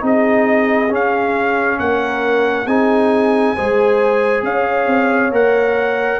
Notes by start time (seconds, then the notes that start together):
0.00 C4 D#4 G#4
0.06 D#5
0.90 C#4 F5
1.79 A#3 A#4 F#5
2.66 C4 D#4 G#4 G#5
3.55 G#3 G#4 C5
4.43 C#4 C#5 F5
4.87 C4
5.31 A#3 A#4 F#5